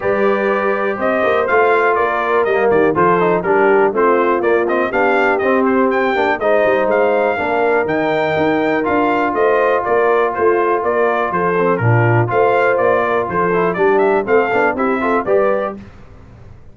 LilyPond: <<
  \new Staff \with { instrumentName = "trumpet" } { \time 4/4 \tempo 4 = 122 d''2 dis''4 f''4 | d''4 dis''8 d''8 c''4 ais'4 | c''4 d''8 dis''8 f''4 dis''8 c''8 | g''4 dis''4 f''2 |
g''2 f''4 dis''4 | d''4 c''4 d''4 c''4 | ais'4 f''4 d''4 c''4 | d''8 e''8 f''4 e''4 d''4 | }
  \new Staff \with { instrumentName = "horn" } { \time 4/4 b'2 c''2 | ais'4. g'8 a'4 g'4 | f'2 g'2~ | g'4 c''2 ais'4~ |
ais'2. c''4 | ais'4 f'4 ais'4 a'4 | f'4 c''4. ais'8 a'4 | g'4 a'4 g'8 a'8 b'4 | }
  \new Staff \with { instrumentName = "trombone" } { \time 4/4 g'2. f'4~ | f'4 ais4 f'8 dis'8 d'4 | c'4 ais8 c'8 d'4 c'4~ | c'8 d'8 dis'2 d'4 |
dis'2 f'2~ | f'2.~ f'8 c'8 | d'4 f'2~ f'8 e'8 | d'4 c'8 d'8 e'8 f'8 g'4 | }
  \new Staff \with { instrumentName = "tuba" } { \time 4/4 g2 c'8 ais8 a4 | ais4 g8 dis8 f4 g4 | a4 ais4 b4 c'4~ | c'8 ais8 gis8 g8 gis4 ais4 |
dis4 dis'4 d'4 a4 | ais4 a4 ais4 f4 | ais,4 a4 ais4 f4 | g4 a8 b8 c'4 g4 | }
>>